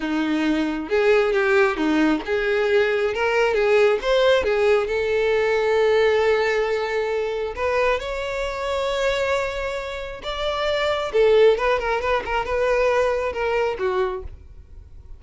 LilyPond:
\new Staff \with { instrumentName = "violin" } { \time 4/4 \tempo 4 = 135 dis'2 gis'4 g'4 | dis'4 gis'2 ais'4 | gis'4 c''4 gis'4 a'4~ | a'1~ |
a'4 b'4 cis''2~ | cis''2. d''4~ | d''4 a'4 b'8 ais'8 b'8 ais'8 | b'2 ais'4 fis'4 | }